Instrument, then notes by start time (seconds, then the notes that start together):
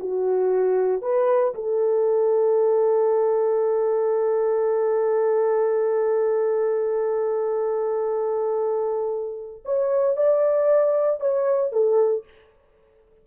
horn
0.00 F#4
1.02 B4
1.55 A4
9.65 C#5
10.17 D5
11.20 C#5
11.72 A4